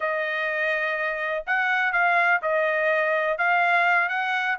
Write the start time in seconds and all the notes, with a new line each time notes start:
0.00 D#5
1.46 F#5
1.92 F5
2.41 D#5
3.38 F5
4.08 F#5